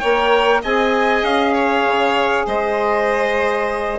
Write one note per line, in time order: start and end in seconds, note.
0.00 0.64 A#3
0.00 0.64 A#4
0.00 0.61 C#5
0.00 0.61 G5
0.63 1.23 C4
0.63 3.99 G#4
0.63 1.54 D#5
0.63 1.24 G#5
1.23 1.85 C#4
1.23 2.47 F5
1.54 2.46 C#5
1.86 2.47 C#3
2.46 3.99 G#3
2.46 3.99 C5
2.46 3.99 D#5